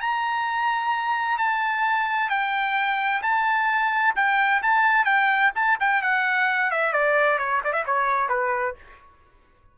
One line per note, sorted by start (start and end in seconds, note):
0.00 1.38 A#5
1.38 2.29 A5
2.29 3.21 G5
3.22 4.14 A5
4.15 4.62 G5
4.62 5.05 A5
5.05 5.51 G5
5.55 5.78 A5
5.79 6.02 G5
6.02 6.70 F#5
6.70 6.92 E5
6.92 7.38 D5
7.38 7.61 C#5
7.64 7.72 D5
7.72 7.84 E5
7.85 8.28 C#5
8.28 8.75 B4